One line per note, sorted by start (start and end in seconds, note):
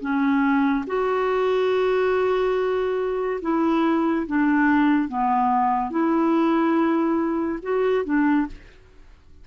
0.00 0.85 C#4
0.86 3.40 F#4
3.41 4.26 E4
4.26 5.08 D4
5.08 5.90 B3
5.90 7.59 E4
7.62 8.04 F#4
8.04 8.47 D4